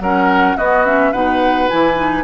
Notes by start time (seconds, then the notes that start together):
0.00 F#3 C#4 A#4 F#5
0.57 B3 F#4 D#5
0.85 C#4 E5
1.12 B2 D#4 B4 F#5
1.69 E3 E4 G#5
1.96 D#4